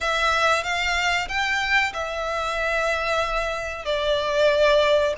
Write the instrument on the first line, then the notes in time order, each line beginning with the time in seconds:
violin
0.00 E5
0.63 F5
1.28 G5
1.93 E5
3.85 D5